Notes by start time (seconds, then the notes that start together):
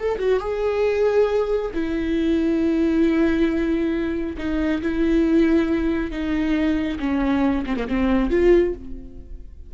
0.00 A4
0.19 F#4
0.40 G#4
1.74 E4
4.38 D#4
4.82 E4
6.12 D#4
7.00 C#4
7.66 C4
7.77 A#3
7.89 C4
8.31 F4